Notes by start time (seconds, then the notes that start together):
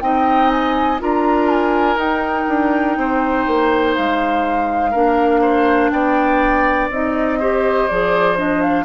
0.00 C4 D#4 D#5 G5
0.49 G#5
0.98 D4 F4 A#4 A#5
1.49 G#5
1.96 D#4 G5
2.48 D4
2.97 C4 C5
3.47 A#3
3.94 G#3 F5
4.91 A#3 D4 A#4
5.41 C5
5.90 B3 D5 G5
6.89 C4 D#4 D#5
7.39 G4 C5
7.88 F3 G#4 D5
8.36 D4 D#5
8.61 F5